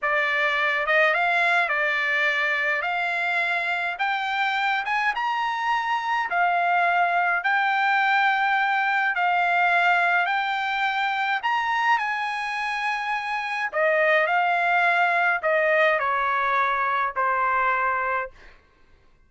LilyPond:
\new Staff \with { instrumentName = "trumpet" } { \time 4/4 \tempo 4 = 105 d''4. dis''8 f''4 d''4~ | d''4 f''2 g''4~ | g''8 gis''8 ais''2 f''4~ | f''4 g''2. |
f''2 g''2 | ais''4 gis''2. | dis''4 f''2 dis''4 | cis''2 c''2 | }